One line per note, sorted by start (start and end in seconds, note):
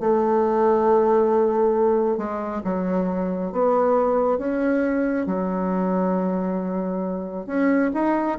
0.00 2.18 A3
2.18 2.62 G#3
2.65 3.52 F#3
3.52 4.38 B3
4.38 5.27 C#4
5.27 7.47 F#3
7.47 7.91 C#4
7.94 8.38 D#4